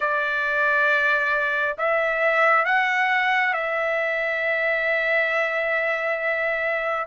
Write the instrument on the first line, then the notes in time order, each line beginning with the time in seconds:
trumpet
0.00 D5
1.78 E5
2.65 F#5
3.53 E5